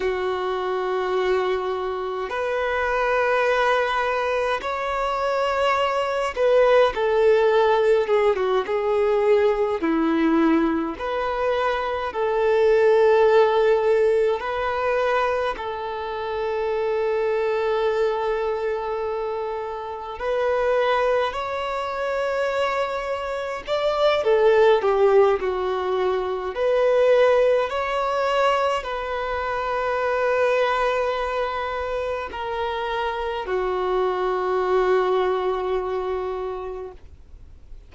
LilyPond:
\new Staff \with { instrumentName = "violin" } { \time 4/4 \tempo 4 = 52 fis'2 b'2 | cis''4. b'8 a'4 gis'16 fis'16 gis'8~ | gis'8 e'4 b'4 a'4.~ | a'8 b'4 a'2~ a'8~ |
a'4. b'4 cis''4.~ | cis''8 d''8 a'8 g'8 fis'4 b'4 | cis''4 b'2. | ais'4 fis'2. | }